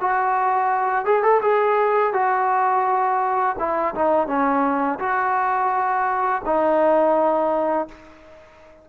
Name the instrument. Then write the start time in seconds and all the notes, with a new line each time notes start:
trombone
0.00 F#4
1.05 G#4
1.22 A4
1.42 G#4
2.13 F#4
3.58 E4
3.94 D#4
4.27 C#4
4.99 F#4
6.45 D#4